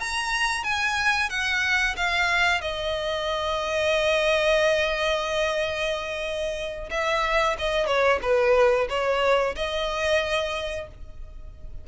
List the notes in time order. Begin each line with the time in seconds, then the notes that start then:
0.00 A#5
0.64 G#5
1.30 F#5
1.96 F5
2.61 D#5
6.91 E5
7.59 D#5
7.86 C#5
8.22 B4
8.89 C#5
9.56 D#5